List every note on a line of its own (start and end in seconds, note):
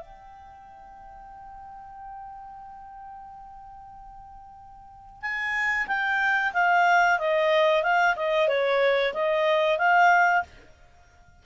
0.00 5.21 G5
5.21 5.87 G#5
5.87 6.52 G5
6.53 7.19 F5
7.19 7.83 D#5
7.83 8.15 F5
8.16 8.48 D#5
8.48 9.13 C#5
9.14 9.78 D#5
9.78 10.43 F5